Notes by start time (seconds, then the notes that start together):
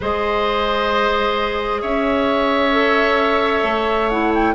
0.00 G#3 G#4 C5 D#5
1.81 C#4 C#5 E5
2.72 A4
3.63 A3
4.09 E4 F#5
4.34 G5